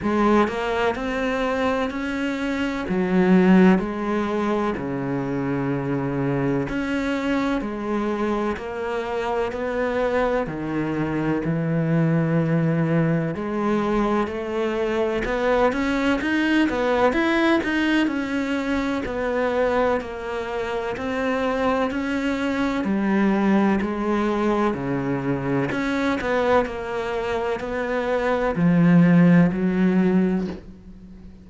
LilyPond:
\new Staff \with { instrumentName = "cello" } { \time 4/4 \tempo 4 = 63 gis8 ais8 c'4 cis'4 fis4 | gis4 cis2 cis'4 | gis4 ais4 b4 dis4 | e2 gis4 a4 |
b8 cis'8 dis'8 b8 e'8 dis'8 cis'4 | b4 ais4 c'4 cis'4 | g4 gis4 cis4 cis'8 b8 | ais4 b4 f4 fis4 | }